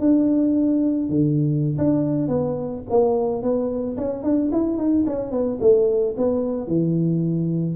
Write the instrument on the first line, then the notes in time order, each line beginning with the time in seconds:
tuba
0.00 D4
1.09 D3
1.78 D4
2.28 B3
2.90 A#3
3.42 B3
3.97 C#4
4.23 D4
4.52 E4
4.78 D#4
5.07 C#4
5.31 B3
5.61 A3
6.17 B3
6.67 E3